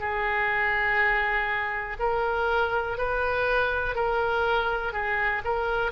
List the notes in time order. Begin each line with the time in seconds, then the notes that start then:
0.00 G#4
1.99 A#4
2.98 B4
3.95 A#4
4.93 G#4
5.45 A#4